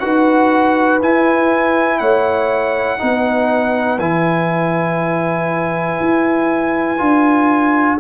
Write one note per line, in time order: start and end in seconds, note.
0.00 1.02 D#4
0.00 1.01 F#4
0.00 2.01 B4
0.00 1.00 F#5
1.02 2.99 E4
1.02 2.01 E4
1.02 1.99 G#5
1.99 3.01 A3
1.99 3.00 C#5
1.99 3.99 F#5
2.99 4.00 B3
2.99 3.99 D#4
2.99 8.00 B4
4.00 6.00 E3
4.00 6.99 E4
4.00 8.00 G#5
6.01 7.00 E4
6.99 8.00 D4
6.99 7.99 F4